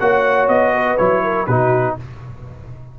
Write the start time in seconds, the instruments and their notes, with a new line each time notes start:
0.00 tuba A#3, trombone F#4, horn C#5, trumpet F#5
0.48 tuba B3, trumpet D#5
0.75 horn B4
0.98 tuba F#3, trombone E4, trumpet C#5
1.23 horn A#4
1.47 tuba B2, trombone D#4, horn F#4, trumpet B4